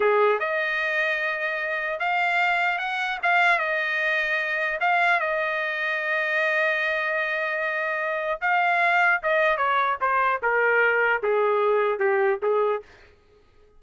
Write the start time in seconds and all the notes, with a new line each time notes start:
0.00 G#4
0.39 D#5
1.99 F5
2.78 F#5
3.23 F5
3.58 D#5
4.80 F5
5.20 D#5
8.41 F5
9.22 D#5
9.57 C#5
10.01 C5
10.42 A#4
11.22 G#4
11.99 G4
12.42 G#4